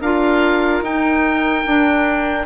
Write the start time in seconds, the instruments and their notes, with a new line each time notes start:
0.00 bassoon D4, clarinet F4, flute A#4, oboe F5
0.81 bassoon D#4, clarinet D#4, oboe G5
1.65 bassoon D4, clarinet D4